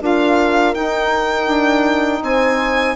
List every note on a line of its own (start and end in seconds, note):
0.00 0.75 D4
0.00 0.74 F4
0.00 2.23 A#4
0.00 0.74 F5
0.74 1.47 D#4
0.74 2.96 D#4
0.74 2.23 G5
1.47 2.21 D4
2.22 2.96 C4
2.22 2.96 C5
2.22 2.96 G#5